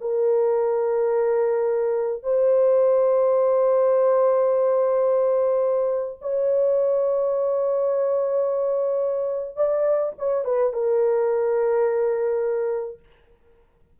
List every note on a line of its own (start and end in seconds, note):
0.00 2.23 A#4
2.23 6.19 C5
6.21 9.56 C#5
9.56 10.12 D5
10.18 10.44 C#5
10.44 10.72 B4
10.72 12.99 A#4